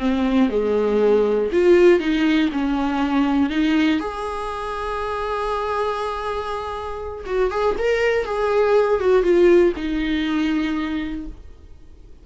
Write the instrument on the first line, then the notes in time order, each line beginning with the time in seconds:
viola
0.00 C4
0.50 G#3
1.53 F4
2.00 D#4
2.53 C#4
3.50 D#4
4.00 G#4
7.26 F#4
7.51 G#4
7.78 A#4
8.26 G#4
9.01 F#4
9.23 F4
9.77 D#4